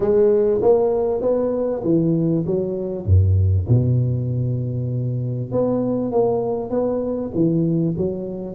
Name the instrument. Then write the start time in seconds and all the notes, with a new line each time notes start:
tuba
0.00 G#3
0.61 A#3
1.21 B3
1.83 E3
2.46 F#3
3.05 F#2
3.68 B2
5.51 B3
6.11 A#3
6.70 B3
7.34 E3
7.97 F#3